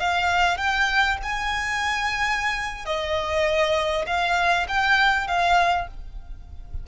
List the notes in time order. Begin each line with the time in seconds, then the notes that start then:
0.00 F5
0.58 G5
1.23 G#5
2.86 D#5
4.07 F5
4.69 G5
5.27 F5